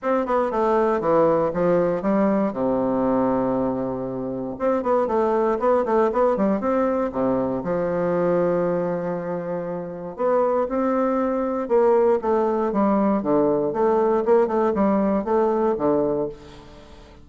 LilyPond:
\new Staff \with { instrumentName = "bassoon" } { \time 4/4 \tempo 4 = 118 c'8 b8 a4 e4 f4 | g4 c2.~ | c4 c'8 b8 a4 b8 a8 | b8 g8 c'4 c4 f4~ |
f1 | b4 c'2 ais4 | a4 g4 d4 a4 | ais8 a8 g4 a4 d4 | }